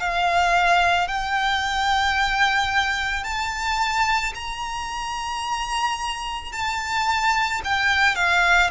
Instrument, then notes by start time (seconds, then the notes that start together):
violin
0.00 F5
1.08 G5
3.24 A5
4.35 A#5
6.53 A5
7.65 G5
8.16 F5